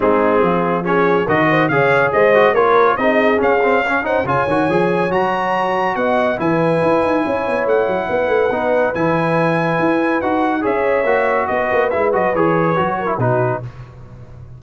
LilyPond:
<<
  \new Staff \with { instrumentName = "trumpet" } { \time 4/4 \tempo 4 = 141 gis'2 cis''4 dis''4 | f''4 dis''4 cis''4 dis''4 | f''4. fis''8 gis''2 | ais''2 fis''4 gis''4~ |
gis''2 fis''2~ | fis''4 gis''2. | fis''4 e''2 dis''4 | e''8 dis''8 cis''2 b'4 | }
  \new Staff \with { instrumentName = "horn" } { \time 4/4 dis'4 f'4 gis'4 ais'8 c''8 | cis''4 c''4 ais'4 gis'4~ | gis'4 cis''8 c''8 cis''2~ | cis''2 dis''4 b'4~ |
b'4 cis''2 b'4~ | b'1~ | b'4 cis''2 b'4~ | b'2~ b'8 ais'8 fis'4 | }
  \new Staff \with { instrumentName = "trombone" } { \time 4/4 c'2 cis'4 fis'4 | gis'4. fis'8 f'4 dis'4 | cis'8 c'8 cis'8 dis'8 f'8 fis'8 gis'4 | fis'2. e'4~ |
e'1 | dis'4 e'2. | fis'4 gis'4 fis'2 | e'8 fis'8 gis'4 fis'8. e'16 dis'4 | }
  \new Staff \with { instrumentName = "tuba" } { \time 4/4 gis4 f2 dis4 | cis4 gis4 ais4 c'4 | cis'2 cis8 dis8 f4 | fis2 b4 e4 |
e'8 dis'8 cis'8 b8 a8 fis8 b8 a8 | b4 e2 e'4 | dis'4 cis'4 ais4 b8 ais8 | gis8 fis8 e4 fis4 b,4 | }
>>